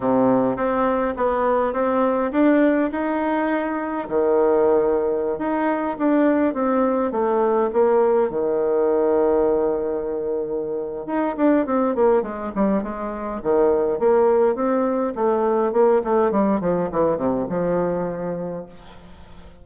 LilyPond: \new Staff \with { instrumentName = "bassoon" } { \time 4/4 \tempo 4 = 103 c4 c'4 b4 c'4 | d'4 dis'2 dis4~ | dis4~ dis16 dis'4 d'4 c'8.~ | c'16 a4 ais4 dis4.~ dis16~ |
dis2. dis'8 d'8 | c'8 ais8 gis8 g8 gis4 dis4 | ais4 c'4 a4 ais8 a8 | g8 f8 e8 c8 f2 | }